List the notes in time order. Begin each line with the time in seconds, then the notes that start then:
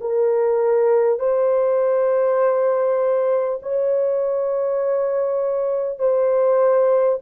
0.00 A#4
1.19 C5
3.62 C#5
5.98 C5